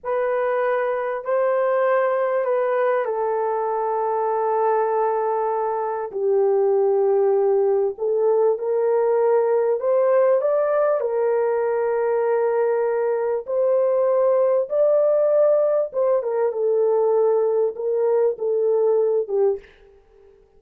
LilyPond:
\new Staff \with { instrumentName = "horn" } { \time 4/4 \tempo 4 = 98 b'2 c''2 | b'4 a'2.~ | a'2 g'2~ | g'4 a'4 ais'2 |
c''4 d''4 ais'2~ | ais'2 c''2 | d''2 c''8 ais'8 a'4~ | a'4 ais'4 a'4. g'8 | }